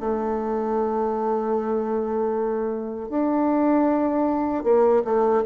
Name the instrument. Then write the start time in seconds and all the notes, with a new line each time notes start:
bassoon
0.00 A3
3.09 D4
4.64 A#3
5.04 A3